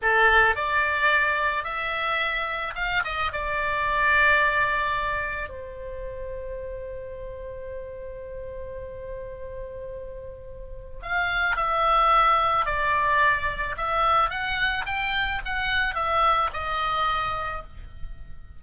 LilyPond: \new Staff \with { instrumentName = "oboe" } { \time 4/4 \tempo 4 = 109 a'4 d''2 e''4~ | e''4 f''8 dis''8 d''2~ | d''2 c''2~ | c''1~ |
c''1 | f''4 e''2 d''4~ | d''4 e''4 fis''4 g''4 | fis''4 e''4 dis''2 | }